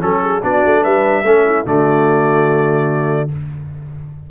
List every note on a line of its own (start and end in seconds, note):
0.00 0.43 F#3
0.00 0.41 C#4
0.00 0.42 A4
0.00 0.23 A4
0.23 0.42 G#4
0.42 0.64 B3
0.42 1.24 D4
0.42 0.81 F#4
0.42 0.83 D5
0.65 0.85 A3
0.81 1.23 G3
0.81 1.22 B4
0.81 1.65 E5
1.23 1.64 A3
1.23 1.65 C#4
1.23 1.45 A4
1.45 1.66 E4
1.65 3.29 D3
1.65 3.28 A3
1.65 3.30 F#4
1.65 3.30 D5